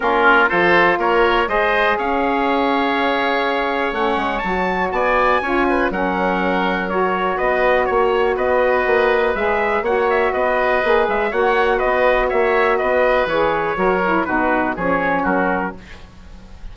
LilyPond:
<<
  \new Staff \with { instrumentName = "trumpet" } { \time 4/4 \tempo 4 = 122 ais'4 c''4 cis''4 dis''4 | f''1 | fis''4 a''4 gis''2 | fis''2 cis''4 dis''4 |
cis''4 dis''2 e''4 | fis''8 e''8 dis''4. e''8 fis''4 | dis''4 e''4 dis''4 cis''4~ | cis''4 b'4 cis''4 ais'4 | }
  \new Staff \with { instrumentName = "oboe" } { \time 4/4 f'4 a'4 ais'4 c''4 | cis''1~ | cis''2 d''4 cis''8 b'8 | ais'2. b'4 |
cis''4 b'2. | cis''4 b'2 cis''4 | b'4 cis''4 b'2 | ais'4 fis'4 gis'4 fis'4 | }
  \new Staff \with { instrumentName = "saxophone" } { \time 4/4 cis'4 f'2 gis'4~ | gis'1 | cis'4 fis'2 f'4 | cis'2 fis'2~ |
fis'2. gis'4 | fis'2 gis'4 fis'4~ | fis'2. gis'4 | fis'8 e'8 dis'4 cis'2 | }
  \new Staff \with { instrumentName = "bassoon" } { \time 4/4 ais4 f4 ais4 gis4 | cis'1 | a8 gis8 fis4 b4 cis'4 | fis2. b4 |
ais4 b4 ais4 gis4 | ais4 b4 ais8 gis8 ais4 | b4 ais4 b4 e4 | fis4 b,4 f4 fis4 | }
>>